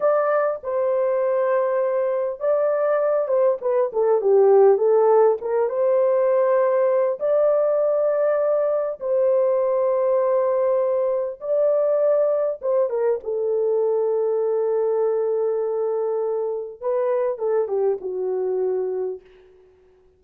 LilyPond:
\new Staff \with { instrumentName = "horn" } { \time 4/4 \tempo 4 = 100 d''4 c''2. | d''4. c''8 b'8 a'8 g'4 | a'4 ais'8 c''2~ c''8 | d''2. c''4~ |
c''2. d''4~ | d''4 c''8 ais'8 a'2~ | a'1 | b'4 a'8 g'8 fis'2 | }